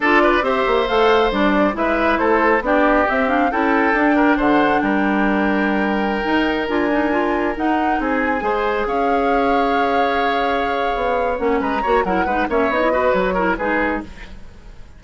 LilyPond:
<<
  \new Staff \with { instrumentName = "flute" } { \time 4/4 \tempo 4 = 137 d''4 e''4 f''4 d''4 | e''4 c''4 d''4 e''8 f''8 | g''2 fis''4 g''4~ | g''2.~ g''16 gis''8.~ |
gis''4~ gis''16 fis''4 gis''4.~ gis''16~ | gis''16 f''2.~ f''8.~ | f''2 fis''8 ais''4 fis''8~ | fis''8 e''8 dis''4 cis''4 b'4 | }
  \new Staff \with { instrumentName = "oboe" } { \time 4/4 a'8 b'8 c''2. | b'4 a'4 g'2 | a'4. ais'8 c''4 ais'4~ | ais'1~ |
ais'2~ ais'16 gis'4 c''8.~ | c''16 cis''2.~ cis''8.~ | cis''2~ cis''8 b'8 cis''8 ais'8 | b'8 cis''4 b'4 ais'8 gis'4 | }
  \new Staff \with { instrumentName = "clarinet" } { \time 4/4 f'4 g'4 a'4 d'4 | e'2 d'4 c'8 d'8 | e'4 d'2.~ | d'2~ d'16 dis'4 f'8 dis'16~ |
dis'16 f'4 dis'2 gis'8.~ | gis'1~ | gis'2 cis'4 fis'8 e'8 | dis'8 cis'8 dis'16 e'16 fis'4 e'8 dis'4 | }
  \new Staff \with { instrumentName = "bassoon" } { \time 4/4 d'4 c'8 ais8 a4 g4 | gis4 a4 b4 c'4 | cis'4 d'4 d4 g4~ | g2~ g16 dis'4 d'8.~ |
d'4~ d'16 dis'4 c'4 gis8.~ | gis16 cis'2.~ cis'8.~ | cis'4 b4 ais8 gis8 ais8 fis8 | gis8 ais8 b4 fis4 gis4 | }
>>